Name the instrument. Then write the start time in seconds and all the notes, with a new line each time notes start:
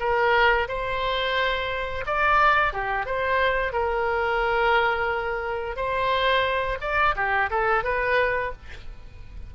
oboe
0.00 A#4
0.68 C5
2.06 D5
2.73 G4
3.06 C5
3.73 A#4
5.76 C5
6.81 D5
7.16 G4
7.51 A4
7.84 B4